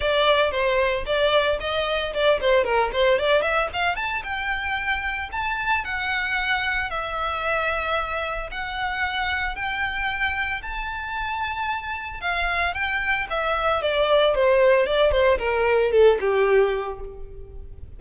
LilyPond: \new Staff \with { instrumentName = "violin" } { \time 4/4 \tempo 4 = 113 d''4 c''4 d''4 dis''4 | d''8 c''8 ais'8 c''8 d''8 e''8 f''8 a''8 | g''2 a''4 fis''4~ | fis''4 e''2. |
fis''2 g''2 | a''2. f''4 | g''4 e''4 d''4 c''4 | d''8 c''8 ais'4 a'8 g'4. | }